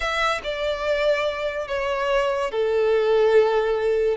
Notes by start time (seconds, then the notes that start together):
0.00 E5
0.43 D5
1.67 C#5
2.51 A4